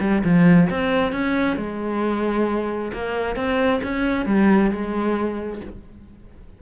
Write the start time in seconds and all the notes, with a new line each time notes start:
0.00 G3
0.24 F3
0.70 C4
1.12 C#4
1.56 G#3
2.93 A#3
3.35 C4
3.83 C#4
4.25 G3
4.70 G#3